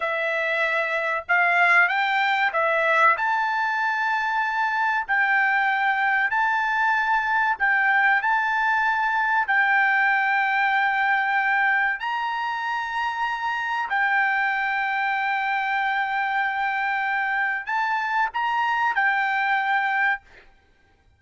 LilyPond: \new Staff \with { instrumentName = "trumpet" } { \time 4/4 \tempo 4 = 95 e''2 f''4 g''4 | e''4 a''2. | g''2 a''2 | g''4 a''2 g''4~ |
g''2. ais''4~ | ais''2 g''2~ | g''1 | a''4 ais''4 g''2 | }